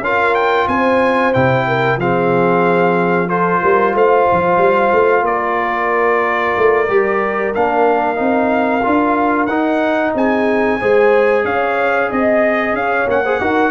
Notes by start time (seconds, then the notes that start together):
0.00 C#4 F4 A#4 F5
0.35 G5
0.67 C4 C5 G#5
1.33 C3 E4 G5
1.67 A#4
1.96 F3 C4 G#4 F5
3.27 F4 A4 C5
3.61 G3 A#4
3.93 A3 C5 F5
4.32 F3
4.57 G3
4.92 A3
5.21 A#3 A#4 D5
6.57 A3
6.88 G3 G4
7.54 A#3 D4 F5
8.15 C4 D#4
8.82 D4 F4
9.46 D#4 F#5
10.14 C4 G#4 G#5
10.79 G#3 G#4 C5
11.44 C#4 C#5 F5
12.10 C4 D#5
12.73 C#4 C#5 F5
13.07 A#3 C#4 F#5
13.23 G#4 C5
13.40 D#4 F#4 A#4